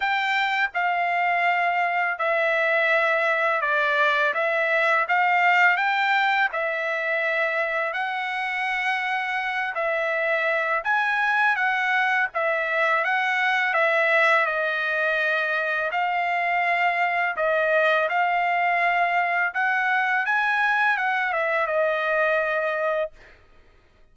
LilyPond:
\new Staff \with { instrumentName = "trumpet" } { \time 4/4 \tempo 4 = 83 g''4 f''2 e''4~ | e''4 d''4 e''4 f''4 | g''4 e''2 fis''4~ | fis''4. e''4. gis''4 |
fis''4 e''4 fis''4 e''4 | dis''2 f''2 | dis''4 f''2 fis''4 | gis''4 fis''8 e''8 dis''2 | }